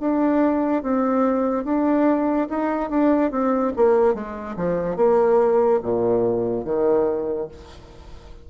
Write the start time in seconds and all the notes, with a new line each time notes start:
0.00 D4
0.83 C4
1.64 D4
2.50 D#4
2.90 D4
3.31 C4
3.76 A#3
4.14 G#3
4.56 F3
4.96 A#3
5.83 A#2
6.65 D#3